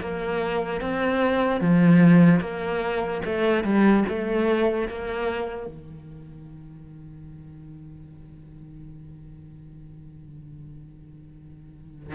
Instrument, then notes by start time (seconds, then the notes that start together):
cello
0.00 A#3
0.81 C4
1.60 F3
2.40 A#3
3.25 A3
3.64 G3
4.08 A3
4.88 A#3
5.66 D#3